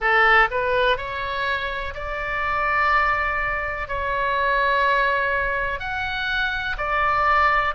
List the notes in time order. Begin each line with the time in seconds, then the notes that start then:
0.00 A4
0.50 B4
0.97 C#5
1.94 D5
3.88 C#5
5.79 F#5
6.77 D5